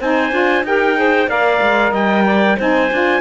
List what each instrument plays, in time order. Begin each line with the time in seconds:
0.00 cello C4, saxophone D#4, clarinet C5, trumpet G#5
0.32 cello D4, saxophone F4
0.63 cello D#4, saxophone G4, clarinet A#4, trumpet G5
0.95 saxophone G#4, clarinet C5
1.28 cello A#3, saxophone A#4, clarinet D5, trumpet F5
1.62 cello G#3
1.91 cello G3, clarinet D#5, trumpet G5
2.26 clarinet D5
2.57 cello C4, saxophone D#4, clarinet C5, trumpet G#5
2.91 cello D4, saxophone F4